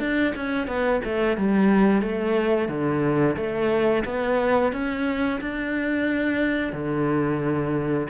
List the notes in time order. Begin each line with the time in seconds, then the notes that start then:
0.00 D4
0.36 C#4
0.67 B3
1.05 A3
1.37 G3
2.02 A3
2.68 D3
3.36 A3
4.05 B3
4.73 C#4
5.41 D4
6.73 D3